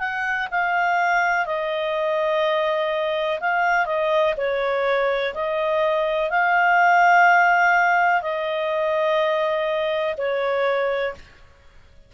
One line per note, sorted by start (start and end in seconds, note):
0.00 0.48 F#5
0.51 1.46 F5
1.46 3.40 D#5
3.40 3.86 F5
3.86 4.35 D#5
4.37 5.34 C#5
5.34 6.31 D#5
6.31 8.22 F5
8.22 10.16 D#5
10.18 11.15 C#5